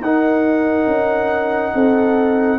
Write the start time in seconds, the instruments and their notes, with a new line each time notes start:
0.00 tuba D#4, trombone D#4, horn A#4, trumpet F#5
0.86 tuba C#4
1.73 tuba C4, horn A4